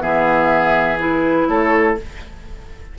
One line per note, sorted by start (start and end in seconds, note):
0.00 1.48 E3
0.00 0.98 B3
0.00 1.48 G#4
0.00 0.98 E5
0.99 1.97 E4
0.99 1.49 B4
1.49 1.97 A3
1.49 1.98 A4
1.49 1.97 C#5